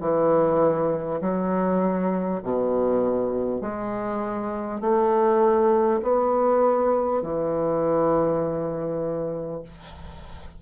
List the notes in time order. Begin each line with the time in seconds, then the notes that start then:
0.00 E3
1.21 F#3
2.43 B2
3.61 G#3
4.81 A3
6.02 B3
7.22 E3